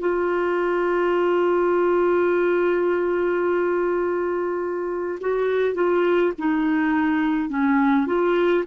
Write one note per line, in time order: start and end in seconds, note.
0.00 5.19 F4
5.20 5.75 F#4
5.75 6.33 F4
6.38 7.49 D#4
7.49 8.07 C#4
8.07 8.64 F4